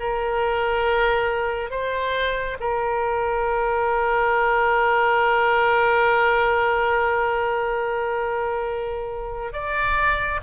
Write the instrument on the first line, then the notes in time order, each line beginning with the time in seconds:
oboe
0.00 A#4
1.71 C5
2.61 A#4
9.53 D5